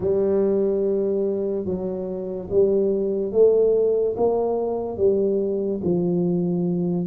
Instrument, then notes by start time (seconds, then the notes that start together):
tuba
0.00 G3
1.65 F#3
2.50 G3
3.32 A3
4.16 A#3
4.97 G3
5.83 F3